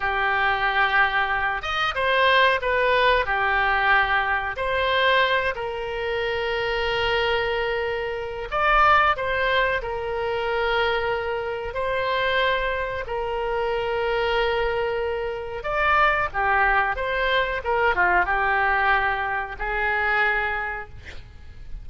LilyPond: \new Staff \with { instrumentName = "oboe" } { \time 4/4 \tempo 4 = 92 g'2~ g'8 dis''8 c''4 | b'4 g'2 c''4~ | c''8 ais'2.~ ais'8~ | ais'4 d''4 c''4 ais'4~ |
ais'2 c''2 | ais'1 | d''4 g'4 c''4 ais'8 f'8 | g'2 gis'2 | }